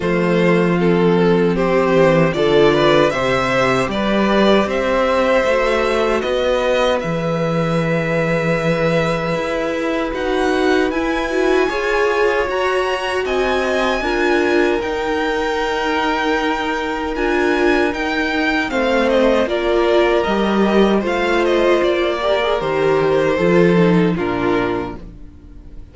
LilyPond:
<<
  \new Staff \with { instrumentName = "violin" } { \time 4/4 \tempo 4 = 77 c''4 a'4 c''4 d''4 | e''4 d''4 e''2 | dis''4 e''2.~ | e''4 fis''4 gis''2 |
ais''4 gis''2 g''4~ | g''2 gis''4 g''4 | f''8 dis''8 d''4 dis''4 f''8 dis''8 | d''4 c''2 ais'4 | }
  \new Staff \with { instrumentName = "violin" } { \time 4/4 f'2 g'4 a'8 b'8 | c''4 b'4 c''2 | b'1~ | b'2. cis''4~ |
cis''4 dis''4 ais'2~ | ais'1 | c''4 ais'2 c''4~ | c''8 ais'4. a'4 f'4 | }
  \new Staff \with { instrumentName = "viola" } { \time 4/4 a4 c'2 f'4 | g'2. fis'4~ | fis'4 gis'2.~ | gis'4 fis'4 e'8 fis'8 gis'4 |
fis'2 f'4 dis'4~ | dis'2 f'4 dis'4 | c'4 f'4 g'4 f'4~ | f'8 g'16 gis'16 g'4 f'8 dis'8 d'4 | }
  \new Staff \with { instrumentName = "cello" } { \time 4/4 f2~ f8 e8 d4 | c4 g4 c'4 a4 | b4 e2. | e'4 dis'4 e'4 f'4 |
fis'4 c'4 d'4 dis'4~ | dis'2 d'4 dis'4 | a4 ais4 g4 a4 | ais4 dis4 f4 ais,4 | }
>>